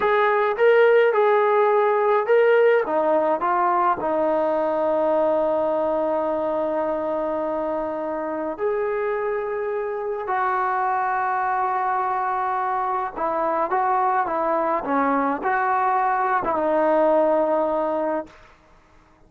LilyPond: \new Staff \with { instrumentName = "trombone" } { \time 4/4 \tempo 4 = 105 gis'4 ais'4 gis'2 | ais'4 dis'4 f'4 dis'4~ | dis'1~ | dis'2. gis'4~ |
gis'2 fis'2~ | fis'2. e'4 | fis'4 e'4 cis'4 fis'4~ | fis'8. e'16 dis'2. | }